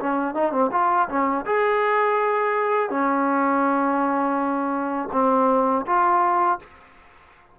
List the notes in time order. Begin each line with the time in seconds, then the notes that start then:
0.00 C#4
0.35 D#4
0.53 C4
0.72 F4
1.09 C#4
1.46 G#4
2.90 C#4
5.13 C4
5.86 F4